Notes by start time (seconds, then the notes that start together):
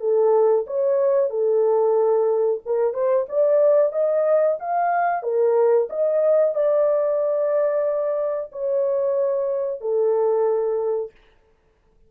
0.00 A4
0.67 C#5
1.30 A4
2.65 A#4
2.93 C5
3.29 D5
3.92 D#5
4.59 F5
5.23 A#4
5.90 D#5
6.55 D5
8.52 C#5
9.81 A4